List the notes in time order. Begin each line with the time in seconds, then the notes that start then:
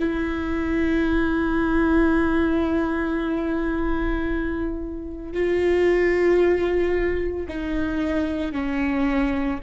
0.00 E4
5.33 F4
7.49 D#4
8.52 C#4